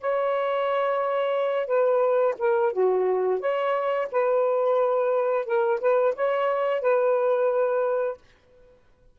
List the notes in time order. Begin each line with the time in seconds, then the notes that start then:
0.00 C#5
1.66 B4
2.38 A#4
2.72 F#4
3.40 C#5
4.11 B4
5.45 A#4
5.80 B4
6.15 C#5
6.81 B4